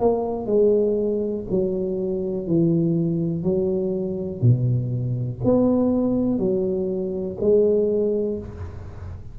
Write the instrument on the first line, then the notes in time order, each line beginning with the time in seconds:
tuba
0.00 A#3
0.47 G#3
1.51 F#3
2.47 E3
3.44 F#3
4.42 B2
5.45 B3
6.39 F#3
7.41 G#3